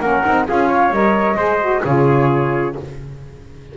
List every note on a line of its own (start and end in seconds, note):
0.00 0.23 A#3
0.00 0.25 C#4
0.00 0.47 A#4
0.00 0.46 F#5
0.25 0.49 C4
0.25 0.47 D#4
0.47 0.90 C#4
0.47 0.92 F4
0.47 0.69 G#4
0.47 0.94 F5
0.69 1.37 C#5
0.90 1.36 G3
0.90 1.37 A#4
0.90 1.84 D#5
1.36 1.82 G#3
1.36 1.60 G#4
1.36 1.82 C5
1.60 1.83 F#4
1.85 2.76 C#3
1.85 2.76 F4
1.85 2.75 G#4
1.85 2.77 C#5